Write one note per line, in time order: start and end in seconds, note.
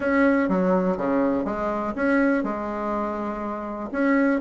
0.00 0.48 C#4
0.48 0.97 F#3
0.97 1.45 C#3
1.45 1.93 G#3
1.95 2.43 C#4
2.43 3.90 G#3
3.92 4.40 C#4